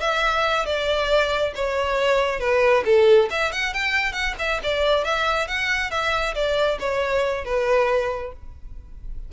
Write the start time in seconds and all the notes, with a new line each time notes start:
0.00 E5
0.65 D5
1.55 C#5
2.39 B4
2.85 A4
3.30 E5
3.52 F#5
3.73 G5
4.12 F#5
4.38 E5
4.63 D5
5.04 E5
5.47 F#5
5.90 E5
6.34 D5
6.79 C#5
7.45 B4